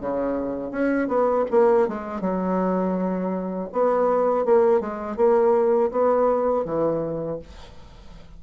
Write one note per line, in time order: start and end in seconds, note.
0.00 0.71 C#3
0.71 1.07 C#4
1.07 1.44 B3
1.51 1.88 A#3
1.88 2.21 G#3
2.21 3.69 F#3
3.72 4.45 B3
4.45 4.80 A#3
4.80 5.16 G#3
5.16 5.90 A#3
5.91 6.65 B3
6.65 7.39 E3